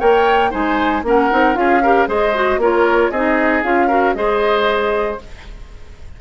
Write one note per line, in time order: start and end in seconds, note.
0.00 0.53 A#3
0.00 0.51 A#4
0.00 0.51 C#5
0.00 0.52 G5
0.51 1.03 G#3
0.51 1.03 D#4
0.51 1.03 C5
0.51 1.05 G#5
1.03 1.29 A#3
1.03 1.31 C#4
1.03 1.59 A#4
1.03 1.56 F#5
1.31 1.56 C4
1.31 1.55 D#4
1.55 2.07 C#4
1.55 1.81 F4
1.55 1.83 G#4
1.55 2.08 F5
1.83 2.07 G4
1.83 2.08 A#4
2.07 2.58 G#3
2.07 2.33 G#4
2.07 2.60 C5
2.07 2.61 D#5
2.34 2.60 F#4
2.58 3.09 A#3
2.58 3.13 F4
2.58 3.11 A#4
2.58 3.11 C#5
3.11 3.63 C4
3.11 3.64 D#4
3.11 3.88 G#4
3.11 3.63 D#5
3.63 4.15 C#4
3.63 3.89 F4
3.63 4.15 F5
3.88 4.15 F#4
3.88 4.14 A#4
4.15 5.18 G#3
4.15 5.19 G#4
4.15 5.21 C5
4.15 5.18 D#5